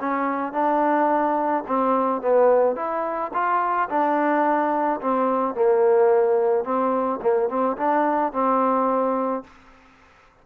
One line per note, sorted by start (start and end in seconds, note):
0.00 0.53 C#4
0.53 1.64 D4
1.67 2.21 C4
2.21 2.76 B3
2.76 3.32 E4
3.34 3.89 F4
3.89 5.01 D4
5.01 5.55 C4
5.55 6.65 A#3
6.65 7.20 C4
7.22 7.49 A#3
7.49 7.77 C4
7.77 8.33 D4
8.33 9.44 C4